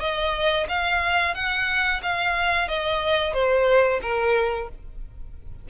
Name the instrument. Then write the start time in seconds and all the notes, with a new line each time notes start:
violin
0.00 D#5
0.68 F5
1.34 F#5
2.02 F5
2.68 D#5
3.33 C5
4.02 A#4